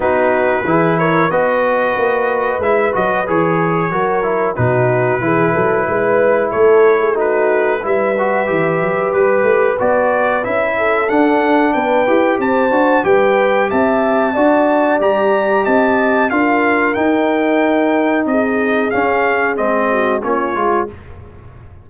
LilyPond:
<<
  \new Staff \with { instrumentName = "trumpet" } { \time 4/4 \tempo 4 = 92 b'4. cis''8 dis''2 | e''8 dis''8 cis''2 b'4~ | b'2 cis''4 b'4 | e''2 b'4 d''4 |
e''4 fis''4 g''4 a''4 | g''4 a''2 ais''4 | a''4 f''4 g''2 | dis''4 f''4 dis''4 cis''4 | }
  \new Staff \with { instrumentName = "horn" } { \time 4/4 fis'4 gis'8 ais'8 b'2~ | b'2 ais'4 fis'4 | gis'8 a'8 b'4 a'8. gis'16 fis'4 | b'1~ |
b'8 a'4. b'4 c''4 | b'4 e''4 d''2 | dis''4 ais'2. | gis'2~ gis'8 fis'8 f'4 | }
  \new Staff \with { instrumentName = "trombone" } { \time 4/4 dis'4 e'4 fis'2 | e'8 fis'8 gis'4 fis'8 e'8 dis'4 | e'2. dis'4 | e'8 fis'8 g'2 fis'4 |
e'4 d'4. g'4 fis'8 | g'2 fis'4 g'4~ | g'4 f'4 dis'2~ | dis'4 cis'4 c'4 cis'8 f'8 | }
  \new Staff \with { instrumentName = "tuba" } { \time 4/4 b4 e4 b4 ais4 | gis8 fis8 e4 fis4 b,4 | e8 fis8 gis4 a2 | g4 e8 fis8 g8 a8 b4 |
cis'4 d'4 b8 e'8 c'8 d'8 | g4 c'4 d'4 g4 | c'4 d'4 dis'2 | c'4 cis'4 gis4 ais8 gis8 | }
>>